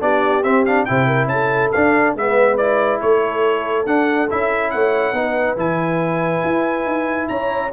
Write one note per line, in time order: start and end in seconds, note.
0.00 0.43 B3
0.00 0.43 D4
0.00 0.88 G4
0.00 0.43 D5
0.43 0.86 C4
0.43 0.66 C4
0.43 0.65 E5
0.65 0.88 D4
0.65 0.85 F5
0.85 1.26 C3
0.85 1.73 E4
0.85 1.06 C5
0.85 1.28 G5
1.06 1.28 A#4
1.26 1.69 C#4
1.26 2.15 A4
1.26 1.71 A5
1.72 2.14 D4
1.72 2.17 D4
1.72 2.14 F5
2.14 3.00 G#3
2.14 2.59 B3
2.14 3.01 B4
2.14 2.57 E5
2.57 3.85 E4
2.57 3.00 D5
3.01 3.86 A3
3.01 4.73 A4
3.01 3.86 C#5
3.85 4.28 D4
3.85 4.29 D4
3.85 4.29 F#5
4.30 4.74 C#4
4.30 5.14 E4
4.30 4.70 E5
4.70 5.12 A3
4.70 5.16 C#5
4.70 5.56 F#5
5.12 5.55 B3
5.12 5.57 D#4
5.20 7.30 B4
5.56 6.42 E3
5.56 7.71 E4
5.56 7.28 G#5
6.44 6.86 E4
6.86 7.29 D#4
7.28 7.72 C#4
7.28 7.73 C#5
7.28 7.71 A#5